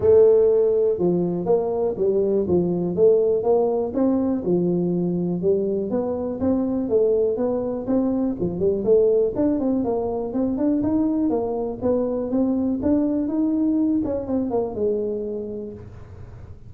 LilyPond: \new Staff \with { instrumentName = "tuba" } { \time 4/4 \tempo 4 = 122 a2 f4 ais4 | g4 f4 a4 ais4 | c'4 f2 g4 | b4 c'4 a4 b4 |
c'4 f8 g8 a4 d'8 c'8 | ais4 c'8 d'8 dis'4 ais4 | b4 c'4 d'4 dis'4~ | dis'8 cis'8 c'8 ais8 gis2 | }